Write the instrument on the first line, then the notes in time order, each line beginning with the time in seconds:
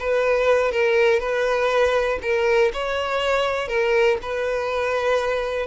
violin
0.00 B4
0.72 A#4
1.20 B4
2.22 A#4
2.74 C#5
3.69 A#4
4.22 B4